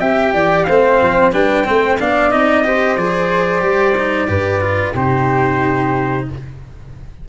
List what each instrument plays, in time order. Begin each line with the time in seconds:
0.00 tuba C4, cello G4, flute E5, trumpet G5
0.33 tuba E3, flute D5
0.64 tuba A3, cello C4, flute C5, trumpet F5
1.02 tuba F3
1.32 tuba G3, cello D4, flute B4, trumpet G5
1.65 tuba A3, cello C4, flute C5
2.00 tuba B3, cello D4, flute D5, trumpet F5
2.31 tuba C4, cello D#4, trumpet D#5
2.64 cello G4, flute C5
2.97 tuba F3, cello G#4, trumpet D5
3.61 tuba G3, cello G4
3.98 cello D#4
4.28 tuba G2, cello G4, flute B4
4.61 cello F4
4.94 tuba C3, cello D#4, flute G4, trumpet C5